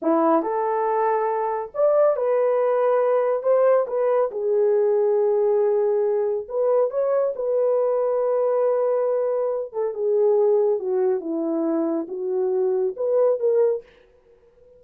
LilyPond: \new Staff \with { instrumentName = "horn" } { \time 4/4 \tempo 4 = 139 e'4 a'2. | d''4 b'2. | c''4 b'4 gis'2~ | gis'2. b'4 |
cis''4 b'2.~ | b'2~ b'8 a'8 gis'4~ | gis'4 fis'4 e'2 | fis'2 b'4 ais'4 | }